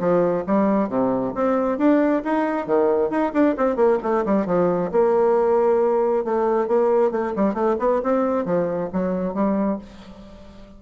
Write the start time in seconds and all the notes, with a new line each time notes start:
0.00 F3
0.47 G3
0.89 C3
1.35 C4
1.78 D4
2.25 D#4
2.67 D#3
3.10 D#4
3.34 D4
3.58 C4
3.76 A#3
4.03 A3
4.26 G3
4.46 F3
4.92 A#3
6.25 A3
6.68 A#3
7.12 A3
7.37 G3
7.54 A3
7.80 B3
8.03 C4
8.46 F3
8.93 F#3
9.35 G3